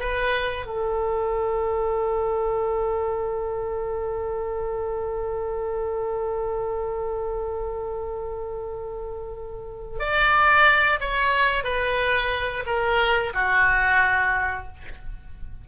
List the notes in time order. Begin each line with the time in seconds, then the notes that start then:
0.00 B4
0.66 A4
10.00 D5
11.00 C#5
11.64 B4
12.66 A#4
13.34 F#4